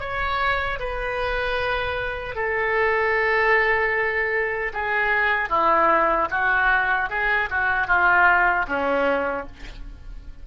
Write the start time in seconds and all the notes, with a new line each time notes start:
0.00 C#5
0.80 B4
2.36 A4
4.74 G#4
5.50 E4
6.31 F#4
7.10 G#4
7.50 F#4
7.87 F4
8.68 C#4